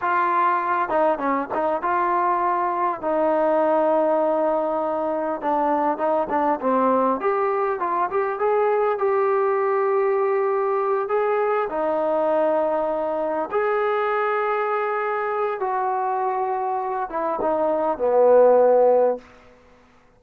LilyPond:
\new Staff \with { instrumentName = "trombone" } { \time 4/4 \tempo 4 = 100 f'4. dis'8 cis'8 dis'8 f'4~ | f'4 dis'2.~ | dis'4 d'4 dis'8 d'8 c'4 | g'4 f'8 g'8 gis'4 g'4~ |
g'2~ g'8 gis'4 dis'8~ | dis'2~ dis'8 gis'4.~ | gis'2 fis'2~ | fis'8 e'8 dis'4 b2 | }